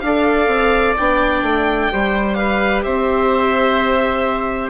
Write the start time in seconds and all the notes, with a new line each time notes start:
0.00 D4 A4 D5 F5
0.48 C4
0.97 B3 D4 G5
1.43 A3
1.92 G3 G4 C5
2.35 B4 F5
2.84 C4 C5 E5